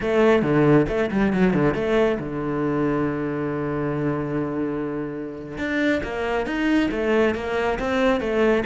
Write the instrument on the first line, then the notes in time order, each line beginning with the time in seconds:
cello
0.01 A3
0.42 D3
0.88 A3
1.11 G3
1.32 F#3
1.53 D3
1.74 A3
2.19 D3
5.58 D4
6.03 A#3
6.46 D#4
6.91 A3
7.35 A#3
7.79 C4
8.20 A3